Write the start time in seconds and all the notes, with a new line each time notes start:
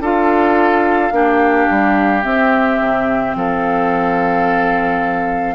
0.00 D4 F4 A4 F5
1.11 A#3 D4 G4
1.70 G3
2.23 C4 E5
2.80 C3
3.35 F3 A4 F5